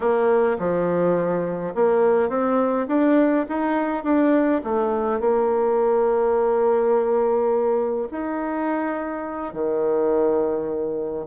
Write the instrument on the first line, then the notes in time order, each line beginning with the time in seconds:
bassoon
0.00 A#3
0.58 F3
1.74 A#3
2.29 C4
2.87 D4
3.49 D#4
4.03 D4
4.64 A3
5.19 A#3
8.11 D#4
9.53 D#3